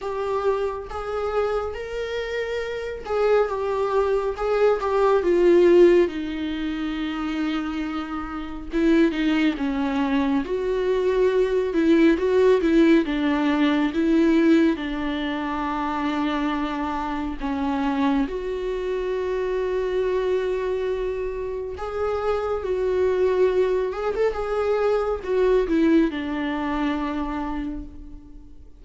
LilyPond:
\new Staff \with { instrumentName = "viola" } { \time 4/4 \tempo 4 = 69 g'4 gis'4 ais'4. gis'8 | g'4 gis'8 g'8 f'4 dis'4~ | dis'2 e'8 dis'8 cis'4 | fis'4. e'8 fis'8 e'8 d'4 |
e'4 d'2. | cis'4 fis'2.~ | fis'4 gis'4 fis'4. gis'16 a'16 | gis'4 fis'8 e'8 d'2 | }